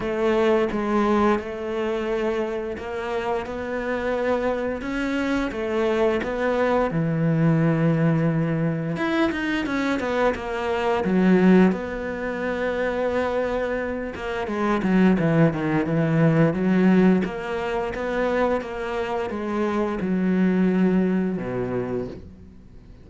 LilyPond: \new Staff \with { instrumentName = "cello" } { \time 4/4 \tempo 4 = 87 a4 gis4 a2 | ais4 b2 cis'4 | a4 b4 e2~ | e4 e'8 dis'8 cis'8 b8 ais4 |
fis4 b2.~ | b8 ais8 gis8 fis8 e8 dis8 e4 | fis4 ais4 b4 ais4 | gis4 fis2 b,4 | }